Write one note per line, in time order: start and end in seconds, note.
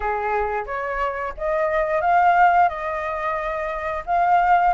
0.00 0.64 G#4
0.66 1.33 C#5
1.37 2.01 D#5
2.01 2.68 F5
2.68 4.03 D#5
4.06 4.73 F5